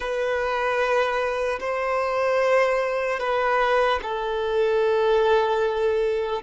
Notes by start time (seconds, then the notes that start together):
0.00 B4
1.60 C5
3.19 B4
4.02 A4